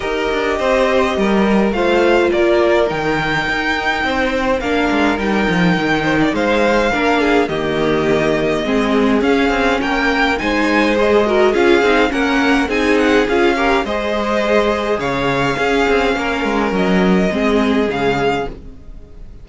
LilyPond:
<<
  \new Staff \with { instrumentName = "violin" } { \time 4/4 \tempo 4 = 104 dis''2. f''4 | d''4 g''2. | f''4 g''2 f''4~ | f''4 dis''2. |
f''4 g''4 gis''4 dis''4 | f''4 fis''4 gis''8 fis''8 f''4 | dis''2 f''2~ | f''4 dis''2 f''4 | }
  \new Staff \with { instrumentName = "violin" } { \time 4/4 ais'4 c''4 ais'4 c''4 | ais'2. c''4 | ais'2~ ais'8 c''16 d''16 c''4 | ais'8 gis'8 g'2 gis'4~ |
gis'4 ais'4 c''4. ais'8 | gis'4 ais'4 gis'4. ais'8 | c''2 cis''4 gis'4 | ais'2 gis'2 | }
  \new Staff \with { instrumentName = "viola" } { \time 4/4 g'2. f'4~ | f'4 dis'2. | d'4 dis'2. | d'4 ais2 c'4 |
cis'2 dis'4 gis'8 fis'8 | f'8 dis'8 cis'4 dis'4 f'8 g'8 | gis'2. cis'4~ | cis'2 c'4 gis4 | }
  \new Staff \with { instrumentName = "cello" } { \time 4/4 dis'8 d'8 c'4 g4 a4 | ais4 dis4 dis'4 c'4 | ais8 gis8 g8 f8 dis4 gis4 | ais4 dis2 gis4 |
cis'8 c'8 ais4 gis2 | cis'8 c'8 ais4 c'4 cis'4 | gis2 cis4 cis'8 c'8 | ais8 gis8 fis4 gis4 cis4 | }
>>